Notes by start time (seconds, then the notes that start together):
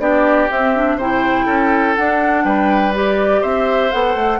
0.00 B3 D4 G4 D5
0.51 C4 E5
0.76 D4
0.97 C3 E4 C5 G5
1.46 C#4 A4
1.96 D4 F#5
2.45 G3 B4 G5
2.94 G4 D5
3.42 C4 C5 E5
3.92 B3 A4 F#5
4.15 A3